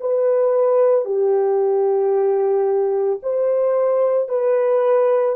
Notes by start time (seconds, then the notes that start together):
0.00 B4
1.05 G4
3.22 C5
4.29 B4